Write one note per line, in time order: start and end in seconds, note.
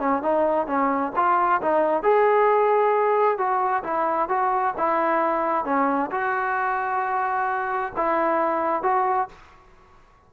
0.00 0.23 C#4
0.23 0.67 D#4
0.67 1.13 C#4
1.16 1.62 F4
1.62 2.03 D#4
2.03 3.38 G#4
3.38 3.84 F#4
3.84 4.29 E4
4.29 4.75 F#4
4.78 5.65 E4
5.65 6.11 C#4
6.12 7.93 F#4
7.97 8.83 E4
8.83 9.29 F#4